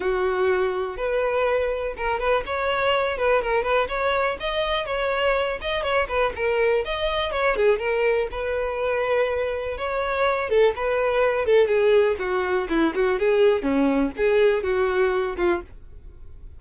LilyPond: \new Staff \with { instrumentName = "violin" } { \time 4/4 \tempo 4 = 123 fis'2 b'2 | ais'8 b'8 cis''4. b'8 ais'8 b'8 | cis''4 dis''4 cis''4. dis''8 | cis''8 b'8 ais'4 dis''4 cis''8 gis'8 |
ais'4 b'2. | cis''4. a'8 b'4. a'8 | gis'4 fis'4 e'8 fis'8 gis'4 | cis'4 gis'4 fis'4. f'8 | }